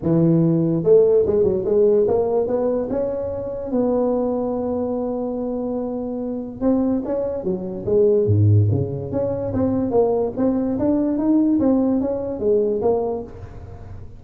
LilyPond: \new Staff \with { instrumentName = "tuba" } { \time 4/4 \tempo 4 = 145 e2 a4 gis8 fis8 | gis4 ais4 b4 cis'4~ | cis'4 b2.~ | b1 |
c'4 cis'4 fis4 gis4 | gis,4 cis4 cis'4 c'4 | ais4 c'4 d'4 dis'4 | c'4 cis'4 gis4 ais4 | }